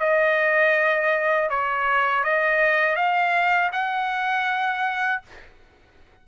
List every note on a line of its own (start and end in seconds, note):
0.00 1.50 D#5
1.50 2.24 C#5
2.24 2.96 D#5
2.96 3.71 F5
3.72 5.22 F#5